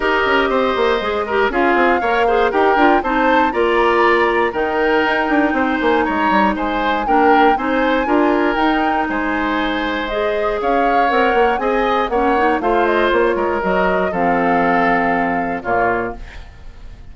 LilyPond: <<
  \new Staff \with { instrumentName = "flute" } { \time 4/4 \tempo 4 = 119 dis''2. f''4~ | f''4 g''4 a''4 ais''4~ | ais''4 g''2~ g''8 gis''8 | ais''4 gis''4 g''4 gis''4~ |
gis''4 g''4 gis''2 | dis''4 f''4 fis''4 gis''4 | fis''4 f''8 dis''8 cis''4 dis''4 | f''2. cis''4 | }
  \new Staff \with { instrumentName = "oboe" } { \time 4/4 ais'4 c''4. ais'8 gis'4 | cis''8 c''8 ais'4 c''4 d''4~ | d''4 ais'2 c''4 | cis''4 c''4 ais'4 c''4 |
ais'2 c''2~ | c''4 cis''2 dis''4 | cis''4 c''4. ais'4. | a'2. f'4 | }
  \new Staff \with { instrumentName = "clarinet" } { \time 4/4 g'2 gis'8 g'8 f'4 | ais'8 gis'8 g'8 f'8 dis'4 f'4~ | f'4 dis'2.~ | dis'2 d'4 dis'4 |
f'4 dis'2. | gis'2 ais'4 gis'4 | cis'8 dis'8 f'2 fis'4 | c'2. ais4 | }
  \new Staff \with { instrumentName = "bassoon" } { \time 4/4 dis'8 cis'8 c'8 ais8 gis4 cis'8 c'8 | ais4 dis'8 d'8 c'4 ais4~ | ais4 dis4 dis'8 d'8 c'8 ais8 | gis8 g8 gis4 ais4 c'4 |
d'4 dis'4 gis2~ | gis4 cis'4 c'8 ais8 c'4 | ais4 a4 ais8 gis8 fis4 | f2. ais,4 | }
>>